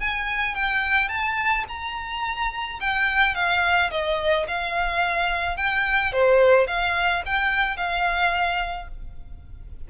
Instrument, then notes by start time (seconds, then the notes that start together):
violin
0.00 G#5
0.55 G5
1.09 A5
1.68 A#5
2.80 G5
3.35 F5
3.91 D#5
4.47 F5
5.57 G5
6.12 C5
6.67 F5
7.26 G5
7.77 F5